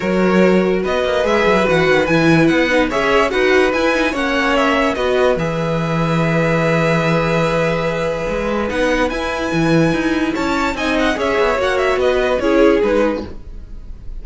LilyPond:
<<
  \new Staff \with { instrumentName = "violin" } { \time 4/4 \tempo 4 = 145 cis''2 dis''4 e''4 | fis''4 gis''4 fis''4 e''4 | fis''4 gis''4 fis''4 e''4 | dis''4 e''2.~ |
e''1~ | e''4 fis''4 gis''2~ | gis''4 a''4 gis''8 fis''8 e''4 | fis''8 e''8 dis''4 cis''4 b'4 | }
  \new Staff \with { instrumentName = "violin" } { \time 4/4 ais'2 b'2~ | b'2. cis''4 | b'2 cis''2 | b'1~ |
b'1~ | b'1~ | b'4 cis''4 dis''4 cis''4~ | cis''4 b'4 gis'2 | }
  \new Staff \with { instrumentName = "viola" } { \time 4/4 fis'2. gis'4 | fis'4 e'4. dis'8 gis'4 | fis'4 e'8 dis'8 cis'2 | fis'4 gis'2.~ |
gis'1~ | gis'4 dis'4 e'2~ | e'2 dis'4 gis'4 | fis'2 e'4 dis'4 | }
  \new Staff \with { instrumentName = "cello" } { \time 4/4 fis2 b8 ais8 gis8 fis8 | e8 dis8 e4 b4 cis'4 | dis'4 e'4 ais2 | b4 e2.~ |
e1 | gis4 b4 e'4 e4 | dis'4 cis'4 c'4 cis'8 b8 | ais4 b4 cis'4 gis4 | }
>>